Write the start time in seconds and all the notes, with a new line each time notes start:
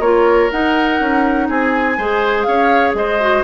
0.00 A#3 F4 A#4 C#5
0.51 D#4 F#5
1.00 C#4
1.49 C4 G#4 G#5
1.98 G#3 G#4 C5
2.43 C#4 C#5 F5
2.94 G#3 C5 D#5
3.20 F#4